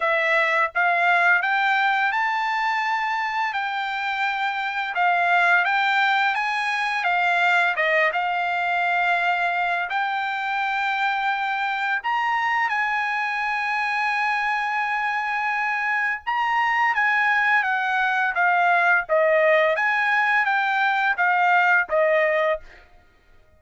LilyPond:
\new Staff \with { instrumentName = "trumpet" } { \time 4/4 \tempo 4 = 85 e''4 f''4 g''4 a''4~ | a''4 g''2 f''4 | g''4 gis''4 f''4 dis''8 f''8~ | f''2 g''2~ |
g''4 ais''4 gis''2~ | gis''2. ais''4 | gis''4 fis''4 f''4 dis''4 | gis''4 g''4 f''4 dis''4 | }